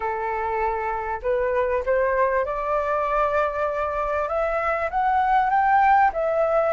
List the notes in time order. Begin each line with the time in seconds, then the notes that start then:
0.00 A4
1.22 B4
1.85 C5
2.45 D5
4.28 E5
4.90 F#5
5.49 G5
6.13 E5